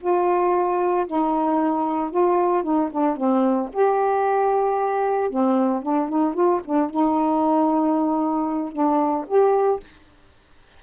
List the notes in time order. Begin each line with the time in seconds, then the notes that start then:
0.00 F4
1.07 D#4
2.10 F4
2.63 D#4
2.91 D4
3.16 C4
3.73 G4
5.30 C4
5.82 D4
6.09 D#4
6.34 F4
6.64 D4
6.90 D#4
8.72 D4
9.27 G4